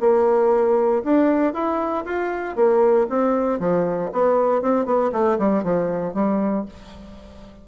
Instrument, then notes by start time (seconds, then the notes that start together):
bassoon
0.00 A#3
1.03 D4
1.53 E4
2.05 F4
2.55 A#3
3.09 C4
3.59 F3
4.12 B3
4.62 C4
4.85 B3
5.12 A3
5.38 G3
5.63 F3
6.14 G3